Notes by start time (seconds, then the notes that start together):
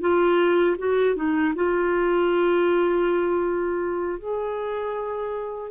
0.00 F4
0.78 F#4
1.15 D#4
1.55 F4
4.18 G#4